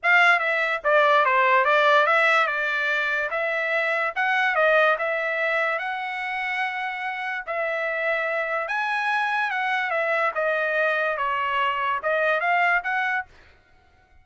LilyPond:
\new Staff \with { instrumentName = "trumpet" } { \time 4/4 \tempo 4 = 145 f''4 e''4 d''4 c''4 | d''4 e''4 d''2 | e''2 fis''4 dis''4 | e''2 fis''2~ |
fis''2 e''2~ | e''4 gis''2 fis''4 | e''4 dis''2 cis''4~ | cis''4 dis''4 f''4 fis''4 | }